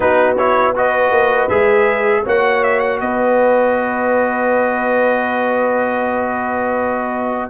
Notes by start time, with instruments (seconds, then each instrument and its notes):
0.00 tuba B3, trombone D#4, horn F#4, trumpet B4
0.37 trombone E4, trumpet C#5
0.75 trombone F#4, horn B4, trumpet D#5
1.10 tuba A#3
1.48 tuba G#3, trombone G#4, trumpet E5
2.23 tuba A#3, trombone F#4, horn C#5, trumpet F#5
2.63 trumpet E5
2.79 trumpet F#5
3.00 tuba B3, horn B4, trumpet D#5